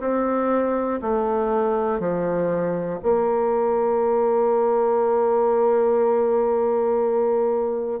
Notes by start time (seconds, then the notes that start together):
0.00 C4
1.01 A3
2.00 F3
3.02 A#3